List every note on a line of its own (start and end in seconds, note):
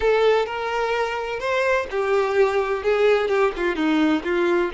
0.00 0.46 A4
0.46 1.39 A#4
1.39 1.86 C5
1.90 2.83 G4
2.83 3.28 G#4
3.28 3.52 G4
3.56 3.75 F4
3.75 4.22 D#4
4.24 4.71 F4